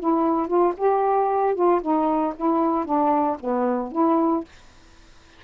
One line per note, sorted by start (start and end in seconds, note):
0.00 0.48 E4
0.48 0.74 F4
0.77 1.55 G4
1.55 1.81 F4
1.82 2.34 D#4
2.36 2.85 E4
2.85 3.37 D4
3.40 3.92 B3
3.92 4.44 E4